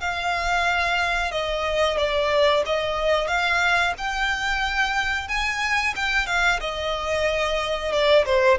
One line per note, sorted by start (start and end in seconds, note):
0.00 1.31 F5
1.31 1.97 D#5
1.97 2.63 D5
2.66 3.27 D#5
3.27 3.93 F5
3.97 5.28 G5
5.28 5.94 G#5
5.96 6.26 G5
6.26 6.59 F5
6.60 7.92 D#5
7.92 8.25 D5
8.25 8.58 C5